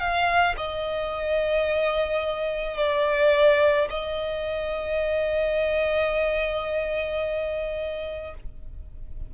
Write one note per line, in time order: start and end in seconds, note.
0.00 0.56 F5
0.58 2.77 D#5
2.77 3.88 D5
3.90 8.34 D#5